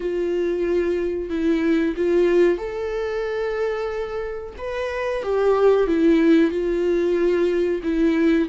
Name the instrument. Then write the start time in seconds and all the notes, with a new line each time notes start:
viola
0.00 F4
1.29 E4
1.96 F4
2.58 A4
4.57 B4
5.23 G4
5.87 E4
6.50 F4
7.83 E4